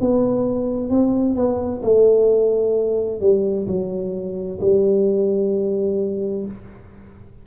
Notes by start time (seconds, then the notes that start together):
0.00 B3
0.89 C4
1.35 B3
1.83 A3
3.21 G3
3.67 F#3
4.61 G3